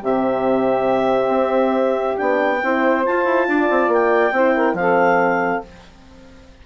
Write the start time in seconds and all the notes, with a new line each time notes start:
0.00 C3 C4 G4 E5
1.28 C4
2.17 B3 D4 G5
2.63 C4 E4 C5
3.04 F4 A5
3.25 E4
3.47 D4 D5
3.70 C4
3.88 A#3 G5
4.32 C4 E4 C5
4.55 A#4
4.74 F3 C4 A4 F5